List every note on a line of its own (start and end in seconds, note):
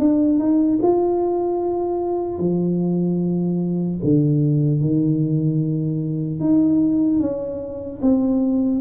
0.00 0.40 D4
0.40 0.80 D#4
0.83 2.39 F4
2.39 3.99 F3
4.04 4.81 D3
4.81 6.40 D#3
6.40 7.20 D#4
7.20 8.00 C#4
8.02 8.81 C4